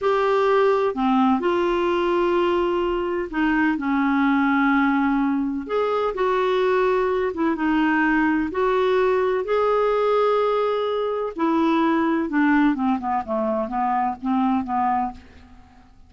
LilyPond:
\new Staff \with { instrumentName = "clarinet" } { \time 4/4 \tempo 4 = 127 g'2 c'4 f'4~ | f'2. dis'4 | cis'1 | gis'4 fis'2~ fis'8 e'8 |
dis'2 fis'2 | gis'1 | e'2 d'4 c'8 b8 | a4 b4 c'4 b4 | }